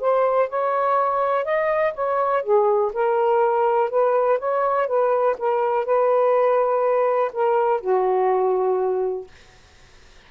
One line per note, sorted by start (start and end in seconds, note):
0.00 0.49 C5
0.49 1.44 C#5
1.44 1.93 D#5
1.94 2.43 C#5
2.43 2.91 G#4
2.93 3.90 A#4
3.90 4.38 B4
4.38 4.87 C#5
4.87 5.36 B4
5.38 5.85 A#4
5.85 7.31 B4
7.33 7.80 A#4
7.80 9.27 F#4